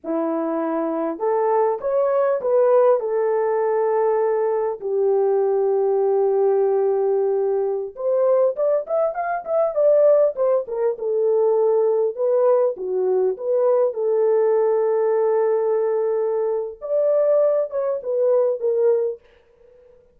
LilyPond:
\new Staff \with { instrumentName = "horn" } { \time 4/4 \tempo 4 = 100 e'2 a'4 cis''4 | b'4 a'2. | g'1~ | g'4~ g'16 c''4 d''8 e''8 f''8 e''16~ |
e''16 d''4 c''8 ais'8 a'4.~ a'16~ | a'16 b'4 fis'4 b'4 a'8.~ | a'1 | d''4. cis''8 b'4 ais'4 | }